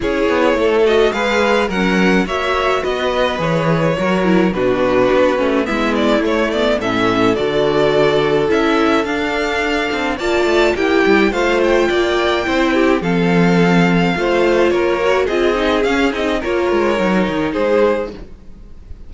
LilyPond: <<
  \new Staff \with { instrumentName = "violin" } { \time 4/4 \tempo 4 = 106 cis''4. dis''8 f''4 fis''4 | e''4 dis''4 cis''2 | b'2 e''8 d''8 cis''8 d''8 | e''4 d''2 e''4 |
f''2 a''4 g''4 | f''8 g''2~ g''8 f''4~ | f''2 cis''4 dis''4 | f''8 dis''8 cis''2 c''4 | }
  \new Staff \with { instrumentName = "violin" } { \time 4/4 gis'4 a'4 b'4 ais'4 | cis''4 b'2 ais'4 | fis'2 e'2 | a'1~ |
a'2 d''4 g'4 | c''4 d''4 c''8 g'8 a'4~ | a'4 c''4 ais'4 gis'4~ | gis'4 ais'2 gis'4 | }
  \new Staff \with { instrumentName = "viola" } { \time 4/4 e'4. fis'8 gis'4 cis'4 | fis'2 gis'4 fis'8 e'8 | d'4. cis'8 b4 a8 b8 | cis'4 fis'2 e'4 |
d'2 f'4 e'4 | f'2 e'4 c'4~ | c'4 f'4. fis'8 f'8 dis'8 | cis'8 dis'8 f'4 dis'2 | }
  \new Staff \with { instrumentName = "cello" } { \time 4/4 cis'8 b8 a4 gis4 fis4 | ais4 b4 e4 fis4 | b,4 b8 a8 gis4 a4 | a,4 d2 cis'4 |
d'4. c'8 ais8 a8 ais8 g8 | a4 ais4 c'4 f4~ | f4 a4 ais4 c'4 | cis'8 c'8 ais8 gis8 fis8 dis8 gis4 | }
>>